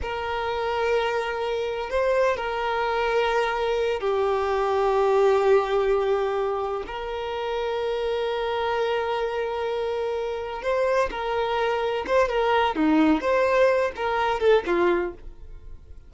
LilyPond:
\new Staff \with { instrumentName = "violin" } { \time 4/4 \tempo 4 = 127 ais'1 | c''4 ais'2.~ | ais'8 g'2.~ g'8~ | g'2~ g'8 ais'4.~ |
ais'1~ | ais'2~ ais'8 c''4 ais'8~ | ais'4. c''8 ais'4 dis'4 | c''4. ais'4 a'8 f'4 | }